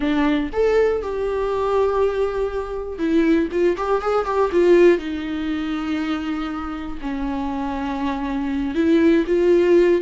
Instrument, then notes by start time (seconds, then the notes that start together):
viola
0.00 D4
0.52 A4
1.02 G4
2.98 E4
3.51 F4
3.77 G4
4.01 G#4
4.25 G4
4.52 F4
4.98 D#4
7.01 C#4
8.74 E4
9.26 F4